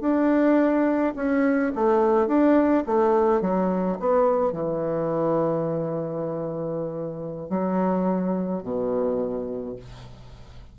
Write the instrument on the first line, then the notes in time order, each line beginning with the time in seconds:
bassoon
0.00 D4
1.15 C#4
1.75 A3
2.27 D4
2.86 A3
3.41 F#3
3.99 B3
4.52 E3
7.49 F#3
8.62 B2